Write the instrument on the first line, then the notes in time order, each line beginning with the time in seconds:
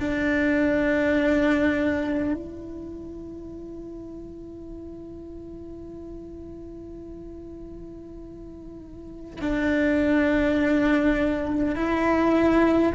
cello
0.00 D4
2.34 E4
9.41 D4
11.75 E4